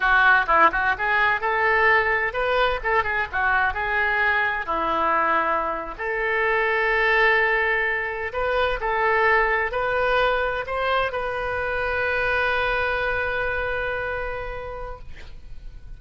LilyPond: \new Staff \with { instrumentName = "oboe" } { \time 4/4 \tempo 4 = 128 fis'4 e'8 fis'8 gis'4 a'4~ | a'4 b'4 a'8 gis'8 fis'4 | gis'2 e'2~ | e'8. a'2.~ a'16~ |
a'4.~ a'16 b'4 a'4~ a'16~ | a'8. b'2 c''4 b'16~ | b'1~ | b'1 | }